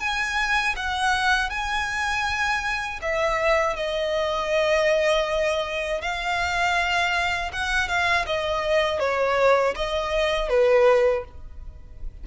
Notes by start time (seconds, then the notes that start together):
0.00 G#5
0.76 F#5
1.50 G#5
3.02 E5
3.76 D#5
6.01 F5
7.53 F#5
7.88 F5
8.26 D#5
8.99 C#5
9.75 D#5
10.49 B4